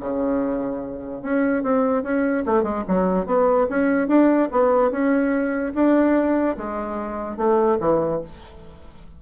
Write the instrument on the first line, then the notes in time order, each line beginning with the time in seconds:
bassoon
0.00 C#3
1.22 C#4
1.63 C4
2.03 C#4
2.45 A3
2.63 G#3
2.87 F#3
3.26 B3
3.69 C#4
4.08 D4
4.51 B3
4.91 C#4
5.74 D4
6.57 G#3
7.37 A3
7.80 E3